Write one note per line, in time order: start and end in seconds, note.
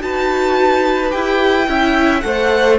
0.00 1.12 D#4
0.00 1.10 F#4
0.00 1.69 B4
0.00 1.11 A5
1.10 1.68 E4
1.10 1.66 G4
1.10 2.20 G5
1.67 2.23 C#4
1.67 2.22 E4
1.67 2.24 E5
2.20 2.79 A3
2.20 2.78 A4
2.20 2.75 F#5
2.26 2.79 C5